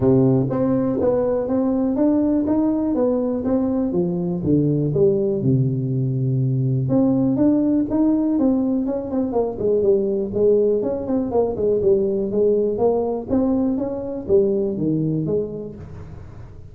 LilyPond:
\new Staff \with { instrumentName = "tuba" } { \time 4/4 \tempo 4 = 122 c4 c'4 b4 c'4 | d'4 dis'4 b4 c'4 | f4 d4 g4 c4~ | c2 c'4 d'4 |
dis'4 c'4 cis'8 c'8 ais8 gis8 | g4 gis4 cis'8 c'8 ais8 gis8 | g4 gis4 ais4 c'4 | cis'4 g4 dis4 gis4 | }